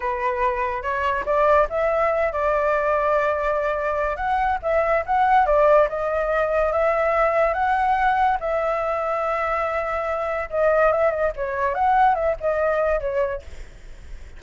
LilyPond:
\new Staff \with { instrumentName = "flute" } { \time 4/4 \tempo 4 = 143 b'2 cis''4 d''4 | e''4. d''2~ d''8~ | d''2 fis''4 e''4 | fis''4 d''4 dis''2 |
e''2 fis''2 | e''1~ | e''4 dis''4 e''8 dis''8 cis''4 | fis''4 e''8 dis''4. cis''4 | }